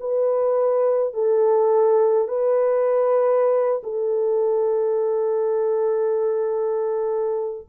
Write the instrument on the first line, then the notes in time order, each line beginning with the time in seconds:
horn
0.00 B4
1.14 A4
2.28 B4
3.83 A4